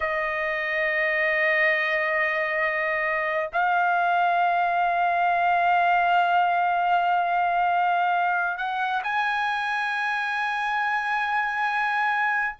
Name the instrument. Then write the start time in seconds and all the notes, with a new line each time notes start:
trumpet
0.00 D#5
3.52 F5
8.57 F#5
9.03 G#5